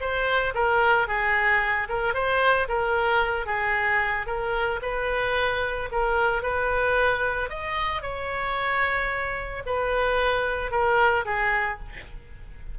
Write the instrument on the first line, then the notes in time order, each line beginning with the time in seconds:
oboe
0.00 C5
0.54 A#4
1.07 G#4
1.88 A#4
2.14 C5
2.68 A#4
3.46 G#4
4.26 A#4
4.82 B4
5.92 A#4
6.42 B4
7.49 D#5
8.02 C#5
9.66 B4
10.71 A#4
11.25 G#4